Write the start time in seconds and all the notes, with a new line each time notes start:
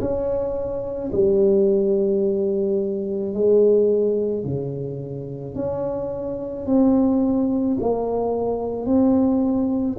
0.00 C#4
1.12 G3
3.34 G#3
4.44 C#3
5.55 C#4
6.66 C4
7.80 A#3
8.86 C4